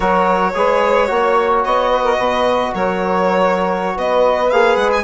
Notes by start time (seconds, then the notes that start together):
0.00 F#3 F#4 A#4 C#5
0.54 G#3 G#4 B4
1.07 A#3 F#4 C#5
1.64 B3 D#5
1.90 B4
2.03 A#4
2.18 B2 B4
2.74 F#3 A#4 C#5
3.95 B3 B4 D#5
4.50 A#3 G#4 F5
4.75 G#3 F#5
4.92 G#5